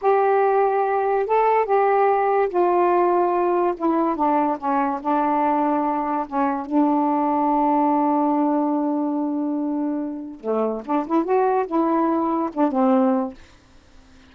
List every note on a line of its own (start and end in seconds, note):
0.01 1.26 G4
1.26 1.65 A4
1.65 2.48 G4
2.49 3.74 F4
3.77 4.16 E4
4.16 4.57 D4
4.58 5.00 C#4
5.01 6.26 D4
6.27 6.66 C#4
6.66 10.40 D4
10.40 10.81 A3
10.85 11.06 D4
11.06 11.24 E4
11.24 11.66 F#4
11.66 12.50 E4
12.53 12.71 D4
12.71 13.34 C4